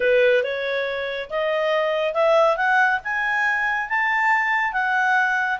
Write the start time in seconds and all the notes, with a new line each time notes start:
0.00 B4
0.43 C#5
1.30 D#5
2.14 E5
2.56 F#5
3.04 G#5
3.89 A5
4.72 F#5